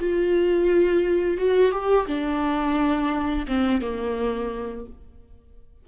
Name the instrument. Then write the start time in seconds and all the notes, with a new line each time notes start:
viola
0.00 F4
1.37 F#4
1.71 G4
2.06 D4
3.47 C4
3.81 A#3